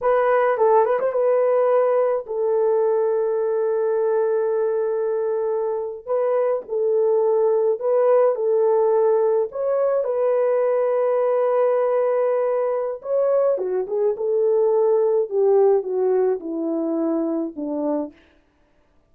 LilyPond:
\new Staff \with { instrumentName = "horn" } { \time 4/4 \tempo 4 = 106 b'4 a'8 b'16 c''16 b'2 | a'1~ | a'2~ a'8. b'4 a'16~ | a'4.~ a'16 b'4 a'4~ a'16~ |
a'8. cis''4 b'2~ b'16~ | b'2. cis''4 | fis'8 gis'8 a'2 g'4 | fis'4 e'2 d'4 | }